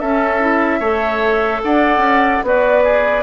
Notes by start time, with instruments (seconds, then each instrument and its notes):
0.00 bassoon C#4, clarinet C#4, oboe A4, flute E5
0.41 clarinet E4
0.80 bassoon A3, clarinet A4, oboe C#5
1.63 bassoon D4, oboe D5, flute F#5
1.98 bassoon C#4
2.44 bassoon B3, oboe F#4, clarinet B4, flute D5
2.84 oboe G#4